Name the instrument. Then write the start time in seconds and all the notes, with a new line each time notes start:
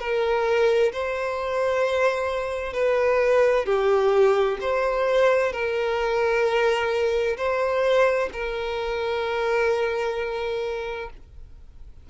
violin
0.00 A#4
0.92 C5
2.73 B4
3.66 G4
4.61 C5
5.53 A#4
7.37 C5
8.33 A#4